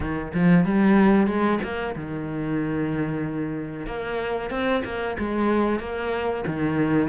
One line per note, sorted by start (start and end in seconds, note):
0.00 0.32 D#3
0.34 0.65 F3
0.65 1.26 G3
1.26 1.59 G#3
1.63 1.95 A#3
1.95 3.86 D#3
3.86 4.50 A#3
4.50 4.82 C4
4.84 5.16 A#3
5.18 5.79 G#3
5.79 6.44 A#3
6.47 7.08 D#3